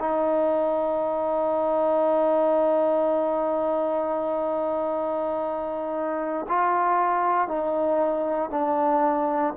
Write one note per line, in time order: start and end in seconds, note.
0.00 6.47 D#4
6.49 7.48 F4
7.48 8.51 D#4
8.51 9.54 D4